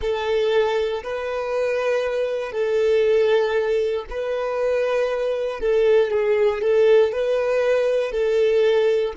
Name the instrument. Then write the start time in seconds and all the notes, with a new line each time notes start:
violin
0.00 A4
1.03 B4
2.51 A4
4.10 B4
5.59 A4
6.11 G#4
6.61 A4
7.12 B4
8.11 A4